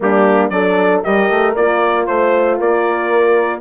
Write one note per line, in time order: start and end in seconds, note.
0.00 0.50 G3
0.00 0.51 A#3
0.00 0.52 D4
0.00 0.49 G4
0.49 1.01 F#3
0.49 1.02 D4
0.49 1.04 A4
0.49 1.01 D5
1.02 1.29 G3
1.02 1.54 G4
1.02 2.07 A#4
1.02 1.55 D#5
1.29 1.55 A3
1.55 2.07 A#3
1.55 3.60 F4
1.55 2.06 D5
2.06 2.59 A3
2.06 2.58 C5
2.06 2.57 C5
2.57 3.60 A#3
2.57 3.60 A#4
2.57 3.60 D5